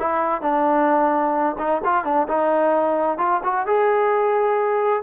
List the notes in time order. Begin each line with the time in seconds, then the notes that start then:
0.00 E4
0.42 D4
1.59 D#4
1.85 F4
2.05 D4
2.29 D#4
3.19 F4
3.44 F#4
3.67 G#4